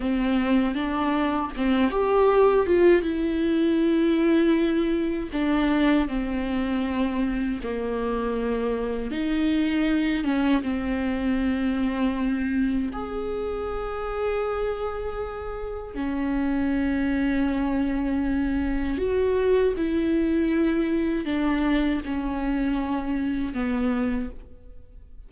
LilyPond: \new Staff \with { instrumentName = "viola" } { \time 4/4 \tempo 4 = 79 c'4 d'4 c'8 g'4 f'8 | e'2. d'4 | c'2 ais2 | dis'4. cis'8 c'2~ |
c'4 gis'2.~ | gis'4 cis'2.~ | cis'4 fis'4 e'2 | d'4 cis'2 b4 | }